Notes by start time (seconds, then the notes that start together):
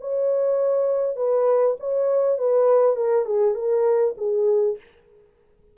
0.00 C#5
1.16 B4
1.79 C#5
2.38 B4
2.96 A#4
3.25 G#4
3.54 A#4
4.17 G#4